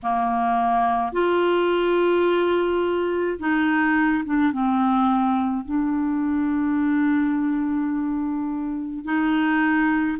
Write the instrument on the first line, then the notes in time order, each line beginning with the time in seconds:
clarinet
0.03 A#3
1.12 F4
3.39 D#4
4.25 D4
4.52 C4
5.65 D4
9.05 D#4